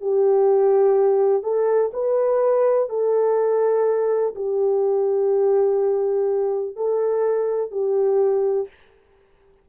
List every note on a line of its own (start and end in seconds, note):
0.00 1.43 G4
1.43 1.91 A4
1.93 2.89 B4
2.89 4.34 A4
4.35 6.76 G4
6.76 7.71 A4
7.71 8.67 G4